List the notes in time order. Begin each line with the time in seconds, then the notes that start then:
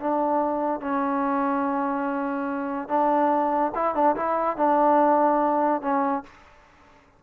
0.00 D4
0.81 C#4
2.89 D4
3.75 E4
3.95 D4
4.16 E4
4.57 D4
5.82 C#4